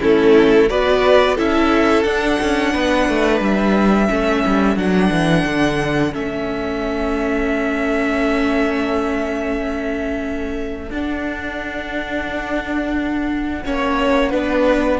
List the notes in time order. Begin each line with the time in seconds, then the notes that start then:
0.00 A3 C#4 E4 A4
0.69 B3 F#4 B4 D5
1.35 C#4 E4 A4 E5
2.03 D4 F#5
2.41 C#4
2.73 B3 B4
3.09 A3
3.41 G3 E5
4.08 A3 C#4 A4
4.46 G3
4.76 F#3 D4 F#5
5.11 E3
5.46 D3
6.12 A3 C#4 E5
10.90 D4 F#5
13.65 A#3 C#4 C#5
14.30 B3 D4 B4